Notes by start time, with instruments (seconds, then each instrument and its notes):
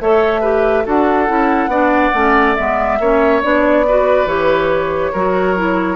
0.00 bassoon A3, clarinet A4, oboe C#5, flute E5
0.40 clarinet G4, oboe B4
0.84 bassoon D4, clarinet F#4, oboe A4, flute F#5
1.26 bassoon C#4, clarinet E4
1.67 bassoon B3, clarinet D4, oboe D5
2.13 bassoon A3, clarinet C#4
2.55 bassoon G#3, clarinet B3, flute E5
2.99 bassoon A#3, clarinet C#4, oboe C#5
3.42 bassoon B3, clarinet D4, flute D5
3.87 clarinet F#4, oboe B4
4.25 bassoon E3, clarinet G4, flute C#5
5.12 bassoon F#3, clarinet F#4, oboe A#4
5.56 clarinet E4